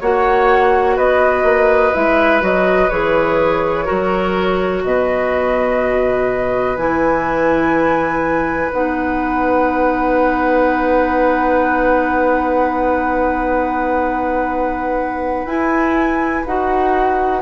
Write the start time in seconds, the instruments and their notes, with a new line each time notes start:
0.00 bassoon A#3, clarinet F#4, oboe C#5, flute F#5
0.96 bassoon B3, oboe B4, flute D#5
1.43 bassoon A#3
1.94 bassoon G#3, clarinet E4, flute E5
2.41 bassoon F#3, clarinet F#4, flute D#5
2.90 bassoon E3, clarinet G#4, flute C#5
3.85 bassoon F#3, clarinet F#4, oboe A#4
4.84 bassoon B2, oboe B4, flute D#5
6.77 bassoon E3, clarinet E4, flute G#5
8.72 bassoon B3, clarinet D#4, flute F#5
15.45 bassoon E4, clarinet E4, flute G#5
16.46 bassoon D#4, clarinet F#4, flute F#5